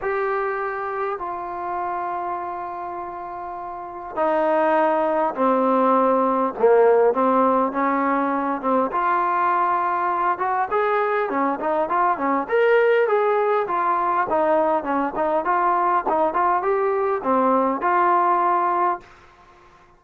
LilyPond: \new Staff \with { instrumentName = "trombone" } { \time 4/4 \tempo 4 = 101 g'2 f'2~ | f'2. dis'4~ | dis'4 c'2 ais4 | c'4 cis'4. c'8 f'4~ |
f'4. fis'8 gis'4 cis'8 dis'8 | f'8 cis'8 ais'4 gis'4 f'4 | dis'4 cis'8 dis'8 f'4 dis'8 f'8 | g'4 c'4 f'2 | }